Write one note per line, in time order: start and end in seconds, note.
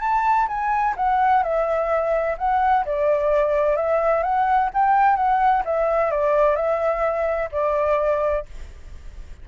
0.00 0.47 A5
0.48 0.95 G#5
0.97 1.43 F#5
1.43 2.37 E5
2.38 2.85 F#5
2.85 3.76 D5
3.76 4.23 E5
4.23 4.70 F#5
4.74 5.16 G5
5.16 5.63 F#5
5.65 6.11 E5
6.11 6.56 D5
6.56 7.50 E5
7.52 8.45 D5